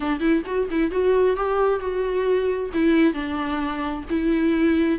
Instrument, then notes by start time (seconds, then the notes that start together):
viola
0.00 D4
0.19 E4
0.46 F#4
0.70 E4
0.91 F#4
1.36 G4
1.79 F#4
2.73 E4
3.13 D4
4.10 E4